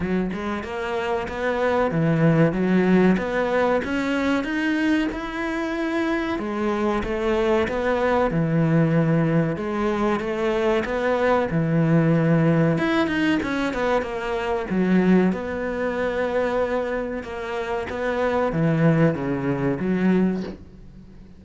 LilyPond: \new Staff \with { instrumentName = "cello" } { \time 4/4 \tempo 4 = 94 fis8 gis8 ais4 b4 e4 | fis4 b4 cis'4 dis'4 | e'2 gis4 a4 | b4 e2 gis4 |
a4 b4 e2 | e'8 dis'8 cis'8 b8 ais4 fis4 | b2. ais4 | b4 e4 cis4 fis4 | }